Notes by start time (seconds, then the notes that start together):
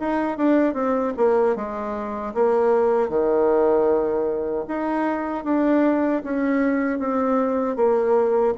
0.00 D#4
0.38 D4
0.74 C4
1.18 A#3
1.56 G#3
2.34 A#3
3.10 D#3
4.68 D#4
5.44 D4
6.24 C#4
6.99 C4
7.76 A#3